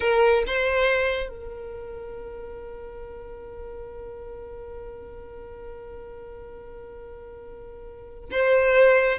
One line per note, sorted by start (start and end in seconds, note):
0.00 0.43 A#4
0.46 1.28 C5
1.28 8.29 A#4
8.31 9.18 C5